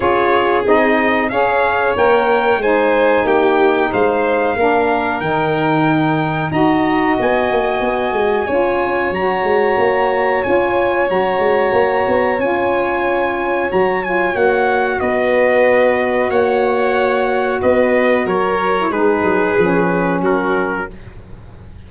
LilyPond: <<
  \new Staff \with { instrumentName = "trumpet" } { \time 4/4 \tempo 4 = 92 cis''4 dis''4 f''4 g''4 | gis''4 g''4 f''2 | g''2 ais''4 gis''4~ | gis''2 ais''2 |
gis''4 ais''2 gis''4~ | gis''4 ais''8 gis''8 fis''4 dis''4~ | dis''4 fis''2 dis''4 | cis''4 b'2 ais'4 | }
  \new Staff \with { instrumentName = "violin" } { \time 4/4 gis'2 cis''2 | c''4 g'4 c''4 ais'4~ | ais'2 dis''2~ | dis''4 cis''2.~ |
cis''1~ | cis''2. b'4~ | b'4 cis''2 b'4 | ais'4 gis'2 fis'4 | }
  \new Staff \with { instrumentName = "saxophone" } { \time 4/4 f'4 dis'4 gis'4 ais'4 | dis'2. d'4 | dis'2 fis'2~ | fis'4 f'4 fis'2 |
f'4 fis'2 f'4~ | f'4 fis'8 f'8 fis'2~ | fis'1~ | fis'8. e'16 dis'4 cis'2 | }
  \new Staff \with { instrumentName = "tuba" } { \time 4/4 cis'4 c'4 cis'4 ais4 | gis4 ais4 gis4 ais4 | dis2 dis'4 b8 ais8 | b8 gis8 cis'4 fis8 gis8 ais4 |
cis'4 fis8 gis8 ais8 b8 cis'4~ | cis'4 fis4 ais4 b4~ | b4 ais2 b4 | fis4 gis8 fis8 f4 fis4 | }
>>